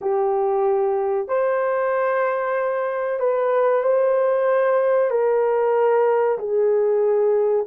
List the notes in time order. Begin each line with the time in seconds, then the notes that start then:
0.01 G4
1.28 C5
3.19 B4
3.83 C5
5.10 A#4
6.38 G#4